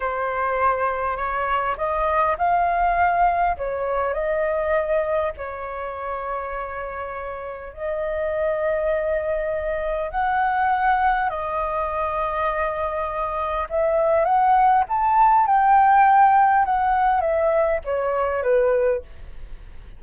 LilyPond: \new Staff \with { instrumentName = "flute" } { \time 4/4 \tempo 4 = 101 c''2 cis''4 dis''4 | f''2 cis''4 dis''4~ | dis''4 cis''2.~ | cis''4 dis''2.~ |
dis''4 fis''2 dis''4~ | dis''2. e''4 | fis''4 a''4 g''2 | fis''4 e''4 cis''4 b'4 | }